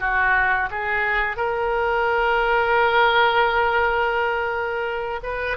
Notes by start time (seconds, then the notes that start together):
0.00 F#4
0.71 G#4
1.37 A#4
5.23 B4